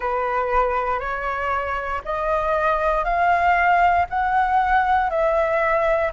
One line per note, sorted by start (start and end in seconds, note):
0.00 0.99 B4
0.99 2.01 C#5
2.04 3.04 D#5
3.04 4.05 F5
4.09 5.09 F#5
5.09 6.11 E5